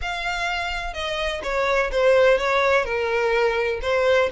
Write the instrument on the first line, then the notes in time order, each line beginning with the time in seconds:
violin
0.01 F5
0.93 D#5
1.43 C#5
1.91 C5
2.37 C#5
2.84 A#4
3.82 C5